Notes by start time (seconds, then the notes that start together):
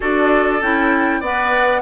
0.00 D4 F#4 A4 D5
0.61 C#4 E4 G5
1.20 B3 B4 D5 F#5